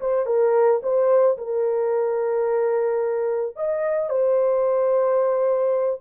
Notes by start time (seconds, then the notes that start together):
0.00 C5
0.26 A#4
0.83 C5
1.37 A#4
3.56 D#5
4.09 C5